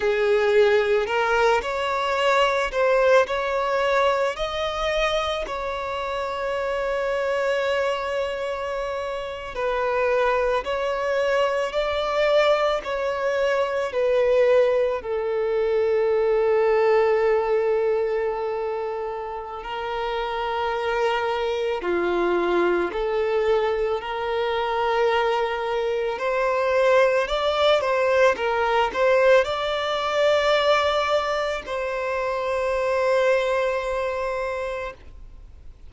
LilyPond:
\new Staff \with { instrumentName = "violin" } { \time 4/4 \tempo 4 = 55 gis'4 ais'8 cis''4 c''8 cis''4 | dis''4 cis''2.~ | cis''8. b'4 cis''4 d''4 cis''16~ | cis''8. b'4 a'2~ a'16~ |
a'2 ais'2 | f'4 a'4 ais'2 | c''4 d''8 c''8 ais'8 c''8 d''4~ | d''4 c''2. | }